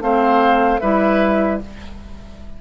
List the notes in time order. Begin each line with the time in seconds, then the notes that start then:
0.00 A3 C4 C5 F5
0.80 G3 E4 B4 E5